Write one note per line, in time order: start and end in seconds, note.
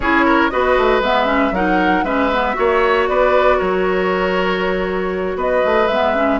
0.00 0.50 C#4
0.00 0.51 E4
0.00 0.25 G#4
0.00 0.50 C#5
0.25 0.51 A#4
0.50 0.77 B3
0.50 1.02 F#4
0.50 1.54 B4
0.50 1.01 D#5
0.77 1.00 A3
1.00 1.51 G#3
1.00 1.25 B3
1.00 1.54 E5
1.25 1.51 C#4
1.51 2.02 F#3
1.51 2.05 D#4
1.51 2.04 A#4
1.51 2.04 F#5
2.03 2.54 G#3
2.03 2.31 C#4
2.03 2.55 B4
2.03 3.07 E5
2.32 2.54 B3
2.54 3.08 A#3
2.54 5.87 F#4
2.54 3.09 C#5
3.07 3.60 B3
3.07 3.57 B4
3.07 3.59 D5
3.57 5.35 F#3
3.57 5.37 A#4
3.57 5.38 C#5
5.35 5.61 B3
5.35 6.39 B4
5.35 5.87 D#5
5.65 5.88 A3
5.87 6.39 G#3
5.87 6.14 B3
5.87 6.39 E5
6.14 6.40 C#4